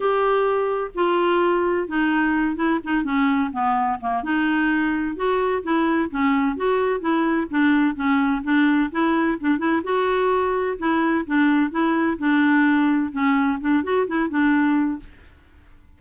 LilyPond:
\new Staff \with { instrumentName = "clarinet" } { \time 4/4 \tempo 4 = 128 g'2 f'2 | dis'4. e'8 dis'8 cis'4 b8~ | b8 ais8 dis'2 fis'4 | e'4 cis'4 fis'4 e'4 |
d'4 cis'4 d'4 e'4 | d'8 e'8 fis'2 e'4 | d'4 e'4 d'2 | cis'4 d'8 fis'8 e'8 d'4. | }